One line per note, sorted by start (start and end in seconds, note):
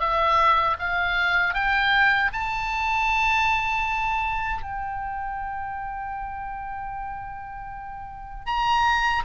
0.00 0.77 E5
0.80 1.55 F5
1.55 2.31 G5
2.33 4.63 A5
4.63 8.46 G5
8.46 9.23 A#5